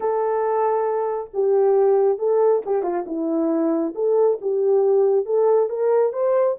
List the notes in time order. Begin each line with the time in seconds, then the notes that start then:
0.00 A4
1.33 G4
2.18 A4
2.65 G4
2.82 F4
3.06 E4
3.94 A4
4.41 G4
5.25 A4
5.69 A#4
6.12 C5